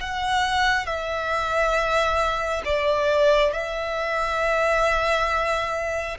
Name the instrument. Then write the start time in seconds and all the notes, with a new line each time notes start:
violin
0.00 F#5
0.85 E5
2.64 D5
3.53 E5